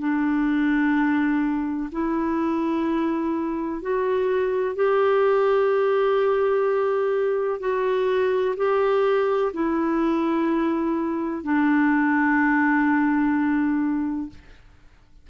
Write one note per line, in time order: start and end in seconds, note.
0.00 1.90 D4
1.92 3.82 E4
3.82 4.76 F#4
4.76 7.60 G4
7.60 8.55 F#4
8.57 9.52 G4
9.54 11.44 E4
11.44 14.29 D4